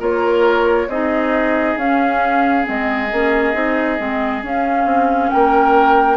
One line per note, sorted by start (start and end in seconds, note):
0.00 0.88 A#3
0.00 0.88 F4
0.00 0.88 A#4
0.00 0.90 C#5
0.88 1.76 C4
0.88 1.80 D#4
0.88 5.31 G#4
0.88 1.78 D#5
1.77 2.65 C#4
1.77 2.64 C#4
1.77 2.67 F5
2.64 3.12 G#3
2.64 3.08 C4
2.64 4.45 D#5
3.12 3.55 A#3
3.12 3.54 C#4
3.54 3.99 C4
3.54 3.98 D#4
3.99 4.43 G#3
3.99 4.43 C4
4.43 4.85 C#4
4.43 6.18 C#4
4.43 5.30 F5
4.85 5.30 C4
5.30 6.18 A#3
5.30 6.18 A#4
5.30 6.18 G5